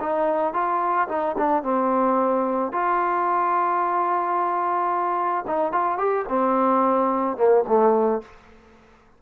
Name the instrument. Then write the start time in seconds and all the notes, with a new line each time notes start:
trombone
0.00 D#4
0.53 F4
1.08 D#4
1.38 D4
1.63 C4
2.72 F4
5.47 D#4
5.72 F4
5.98 G4
6.29 C4
7.37 A#3
7.67 A3